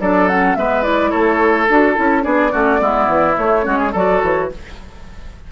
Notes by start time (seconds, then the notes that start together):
0.00 F#3 D4 A4 D5
0.28 C#4 F#5
0.56 G#3 B3 B4 E5
0.83 E4 D5
1.11 A3 A4 C#5
1.69 D4 F#4 A4
1.96 C#4 E4
2.22 B3 D4 G#4 D5
2.52 A3 C#4 F#4
2.79 G#3 B3 E4
3.07 E3
3.35 A3 C#5
3.63 G#3 C#4 F#4
3.79 G#4
3.92 F#3 F#4 A4 D5
4.22 E3 C#5